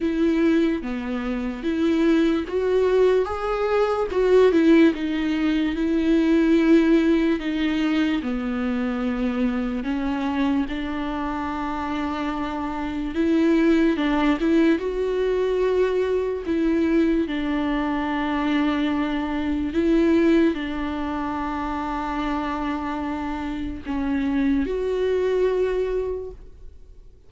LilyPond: \new Staff \with { instrumentName = "viola" } { \time 4/4 \tempo 4 = 73 e'4 b4 e'4 fis'4 | gis'4 fis'8 e'8 dis'4 e'4~ | e'4 dis'4 b2 | cis'4 d'2. |
e'4 d'8 e'8 fis'2 | e'4 d'2. | e'4 d'2.~ | d'4 cis'4 fis'2 | }